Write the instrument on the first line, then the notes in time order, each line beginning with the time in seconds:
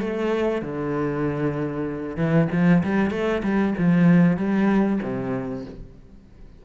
cello
0.00 A3
0.61 D3
2.16 E3
2.52 F3
2.83 G3
3.11 A3
3.43 G3
3.78 F3
4.36 G3
5.02 C3